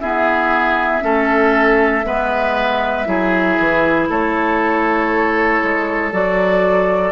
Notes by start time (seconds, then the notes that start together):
0.00 B3 E4 G#4 E5
1.01 A3 C#4 A4
2.05 G#3 B3 B4
3.06 F#3 E4 G#4
3.59 E3
4.09 A3 A4 C#5
5.63 G#3
6.12 F#3 F#4 D5